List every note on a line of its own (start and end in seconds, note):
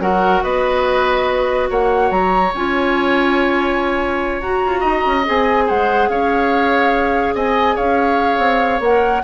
0.00 0.42 F#3
0.00 2.52 F#4
0.00 0.43 A#4
0.00 0.43 F#5
0.43 1.70 B3
0.43 1.70 B4
0.43 1.69 D#5
1.70 2.11 A#3
1.70 4.80 C#5
1.70 2.11 F#5
2.11 2.53 F#3
2.11 2.53 A#5
2.54 4.42 C#4
2.54 4.43 F4
2.54 4.41 G#5
4.41 4.63 F#4
4.41 5.25 F#4
4.41 5.25 A#5
4.65 4.84 F4
4.80 5.05 D#4
4.80 5.64 D#5
5.06 5.27 C#4
5.25 5.70 C4
5.25 8.82 G#4
5.25 5.69 G#5
5.67 6.08 G#3
5.67 6.09 C5
5.67 6.09 F#5
6.08 7.34 C#4
6.08 7.35 C#5
6.08 7.35 F5
7.34 7.76 C4
7.34 7.75 D#5
7.34 7.77 G#5
7.75 8.38 C#4
7.75 9.22 C#5
7.75 8.82 F5
8.38 8.80 C4
8.80 9.22 A#3
8.80 9.24 A#4
8.80 9.24 F#5